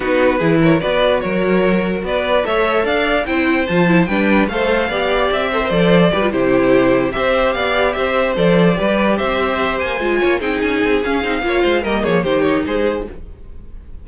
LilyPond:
<<
  \new Staff \with { instrumentName = "violin" } { \time 4/4 \tempo 4 = 147 b'4. cis''8 d''4 cis''4~ | cis''4 d''4 e''4 f''4 | g''4 a''4 g''4 f''4~ | f''4 e''4 d''4. c''8~ |
c''4. e''4 f''4 e''8~ | e''8 d''2 e''4. | gis''4. g''8 gis''4 f''4~ | f''4 dis''8 cis''8 c''8 cis''8 c''4 | }
  \new Staff \with { instrumentName = "violin" } { \time 4/4 fis'4 gis'8 ais'8 b'4 ais'4~ | ais'4 b'4 cis''4 d''4 | c''2 b'4 c''4 | d''4. c''4. b'8 g'8~ |
g'4. c''4 d''4 c''8~ | c''4. b'4 c''4.~ | c''4 cis''8 gis'2~ gis'8 | cis''8 c''8 ais'8 gis'8 g'4 gis'4 | }
  \new Staff \with { instrumentName = "viola" } { \time 4/4 dis'4 e'4 fis'2~ | fis'2 a'2 | e'4 f'8 e'8 d'4 a'4 | g'4. a'16 ais'16 a'4 g'16 f'16 e'8~ |
e'4. g'2~ g'8~ | g'8 a'4 g'2~ g'8~ | g'8 f'4 dis'4. cis'8 dis'8 | f'4 ais4 dis'2 | }
  \new Staff \with { instrumentName = "cello" } { \time 4/4 b4 e4 b4 fis4~ | fis4 b4 a4 d'4 | c'4 f4 g4 a4 | b4 c'4 f4 g8 c8~ |
c4. c'4 b4 c'8~ | c'8 f4 g4 c'4. | ais8 gis8 ais8 c'8 cis'8 c'8 cis'8 c'8 | ais8 gis8 g8 f8 dis4 gis4 | }
>>